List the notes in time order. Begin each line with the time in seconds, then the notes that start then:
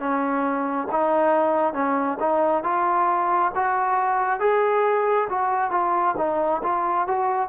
0.00 C#4
0.92 D#4
1.74 C#4
2.21 D#4
2.64 F4
3.55 F#4
4.40 G#4
5.30 F#4
5.72 F4
6.18 D#4
6.64 F4
7.08 F#4